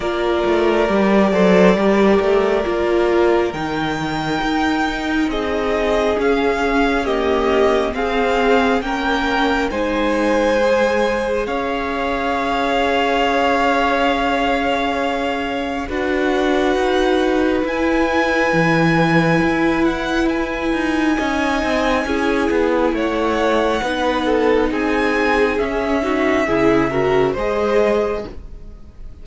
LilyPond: <<
  \new Staff \with { instrumentName = "violin" } { \time 4/4 \tempo 4 = 68 d''1 | g''2 dis''4 f''4 | dis''4 f''4 g''4 gis''4~ | gis''4 f''2.~ |
f''2 fis''2 | gis''2~ gis''8 fis''8 gis''4~ | gis''2 fis''2 | gis''4 e''2 dis''4 | }
  \new Staff \with { instrumentName = "violin" } { \time 4/4 ais'4. c''8 ais'2~ | ais'2 gis'2 | g'4 gis'4 ais'4 c''4~ | c''4 cis''2.~ |
cis''2 b'2~ | b'1 | dis''4 gis'4 cis''4 b'8 a'8 | gis'4. fis'8 gis'8 ais'8 c''4 | }
  \new Staff \with { instrumentName = "viola" } { \time 4/4 f'4 g'8 a'8 g'4 f'4 | dis'2. cis'4 | ais4 c'4 cis'4 dis'4 | gis'1~ |
gis'2 fis'2 | e'1 | dis'4 e'2 dis'4~ | dis'4 cis'8 dis'8 e'8 fis'8 gis'4 | }
  \new Staff \with { instrumentName = "cello" } { \time 4/4 ais8 a8 g8 fis8 g8 a8 ais4 | dis4 dis'4 c'4 cis'4~ | cis'4 c'4 ais4 gis4~ | gis4 cis'2.~ |
cis'2 d'4 dis'4 | e'4 e4 e'4. dis'8 | cis'8 c'8 cis'8 b8 a4 b4 | c'4 cis'4 cis4 gis4 | }
>>